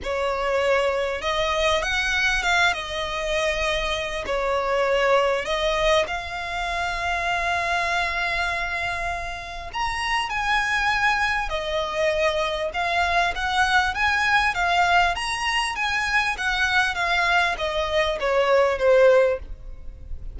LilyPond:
\new Staff \with { instrumentName = "violin" } { \time 4/4 \tempo 4 = 99 cis''2 dis''4 fis''4 | f''8 dis''2~ dis''8 cis''4~ | cis''4 dis''4 f''2~ | f''1 |
ais''4 gis''2 dis''4~ | dis''4 f''4 fis''4 gis''4 | f''4 ais''4 gis''4 fis''4 | f''4 dis''4 cis''4 c''4 | }